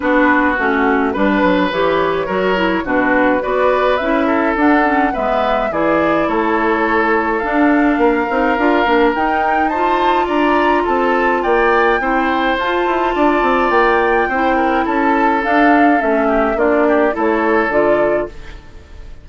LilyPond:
<<
  \new Staff \with { instrumentName = "flute" } { \time 4/4 \tempo 4 = 105 b'4 fis'4 b'4 cis''4~ | cis''4 b'4 d''4 e''4 | fis''4 e''4 d''4 cis''4~ | cis''4 f''2. |
g''4 a''4 ais''4 a''4 | g''2 a''2 | g''2 a''4 f''4 | e''4 d''4 cis''4 d''4 | }
  \new Staff \with { instrumentName = "oboe" } { \time 4/4 fis'2 b'2 | ais'4 fis'4 b'4. a'8~ | a'4 b'4 gis'4 a'4~ | a'2 ais'2~ |
ais'4 c''4 d''4 a'4 | d''4 c''2 d''4~ | d''4 c''8 ais'8 a'2~ | a'8 g'8 f'8 g'8 a'2 | }
  \new Staff \with { instrumentName = "clarinet" } { \time 4/4 d'4 cis'4 d'4 g'4 | fis'8 e'8 d'4 fis'4 e'4 | d'8 cis'8 b4 e'2~ | e'4 d'4. dis'8 f'8 d'8 |
dis'4 f'2.~ | f'4 e'4 f'2~ | f'4 e'2 d'4 | cis'4 d'4 e'4 f'4 | }
  \new Staff \with { instrumentName = "bassoon" } { \time 4/4 b4 a4 g8 fis8 e4 | fis4 b,4 b4 cis'4 | d'4 gis4 e4 a4~ | a4 d'4 ais8 c'8 d'8 ais8 |
dis'2 d'4 c'4 | ais4 c'4 f'8 e'8 d'8 c'8 | ais4 c'4 cis'4 d'4 | a4 ais4 a4 d4 | }
>>